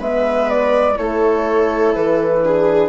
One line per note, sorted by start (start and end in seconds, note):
0.00 0.97 G#3
0.00 0.96 B3
0.00 0.97 B4
0.00 0.50 E5
0.50 0.98 D5
0.96 1.95 A3
0.96 2.41 E4
0.96 2.45 A4
0.96 1.95 C#5
1.95 2.89 E3
1.95 2.89 B4
2.44 2.89 D4
2.44 2.89 G#4